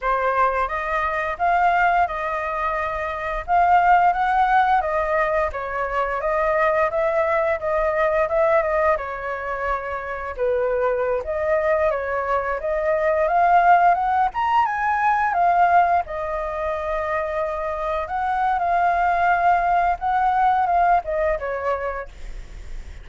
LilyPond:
\new Staff \with { instrumentName = "flute" } { \time 4/4 \tempo 4 = 87 c''4 dis''4 f''4 dis''4~ | dis''4 f''4 fis''4 dis''4 | cis''4 dis''4 e''4 dis''4 | e''8 dis''8 cis''2 b'4~ |
b'16 dis''4 cis''4 dis''4 f''8.~ | f''16 fis''8 ais''8 gis''4 f''4 dis''8.~ | dis''2~ dis''16 fis''8. f''4~ | f''4 fis''4 f''8 dis''8 cis''4 | }